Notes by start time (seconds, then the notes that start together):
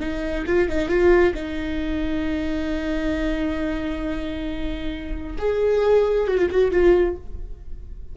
0.00 D#4
0.46 F4
0.69 D#4
0.89 F4
1.34 D#4
5.38 G#4
6.27 F#4
6.38 F4
6.50 F#4
6.71 F4